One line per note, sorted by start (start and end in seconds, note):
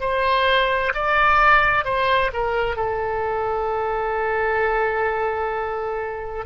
0.00 0.92 C5
0.94 1.85 D5
1.85 2.31 C5
2.33 2.76 A#4
2.76 6.45 A4